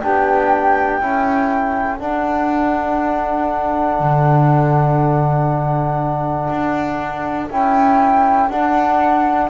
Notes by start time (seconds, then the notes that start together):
0.00 B3 D4 G4 G5
1.00 C#4 E4 A4
1.97 D4 F#5
3.99 D3
6.50 D4
7.50 C#4 E4 G5
8.49 D4 F#5